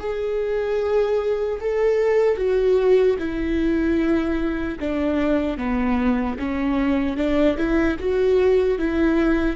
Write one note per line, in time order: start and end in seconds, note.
0.00 1.60 G#4
1.61 2.37 A4
2.37 3.17 F#4
3.19 4.79 E4
4.80 5.57 D4
5.57 6.37 B3
6.39 7.17 C#4
7.17 7.57 D4
7.57 7.97 E4
7.99 8.79 F#4
8.79 9.56 E4